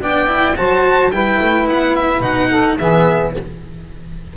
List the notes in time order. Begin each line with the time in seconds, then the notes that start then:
0.00 B3 D4 D5 G5
0.26 E4
0.56 F#3 F#4 C5 A5
1.10 G3 E4 B4 G5
1.41 A3
1.68 B3 F#5
1.95 E5
2.20 B2 D#4 F#5
2.50 A4
2.78 E3 B3 G#4 E5